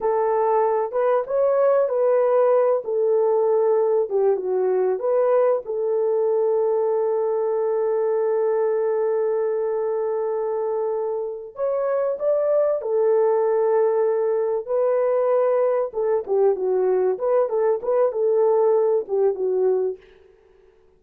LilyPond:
\new Staff \with { instrumentName = "horn" } { \time 4/4 \tempo 4 = 96 a'4. b'8 cis''4 b'4~ | b'8 a'2 g'8 fis'4 | b'4 a'2.~ | a'1~ |
a'2~ a'8 cis''4 d''8~ | d''8 a'2. b'8~ | b'4. a'8 g'8 fis'4 b'8 | a'8 b'8 a'4. g'8 fis'4 | }